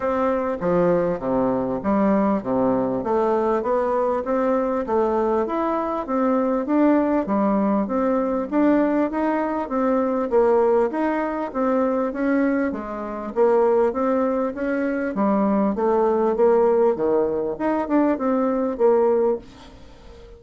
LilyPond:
\new Staff \with { instrumentName = "bassoon" } { \time 4/4 \tempo 4 = 99 c'4 f4 c4 g4 | c4 a4 b4 c'4 | a4 e'4 c'4 d'4 | g4 c'4 d'4 dis'4 |
c'4 ais4 dis'4 c'4 | cis'4 gis4 ais4 c'4 | cis'4 g4 a4 ais4 | dis4 dis'8 d'8 c'4 ais4 | }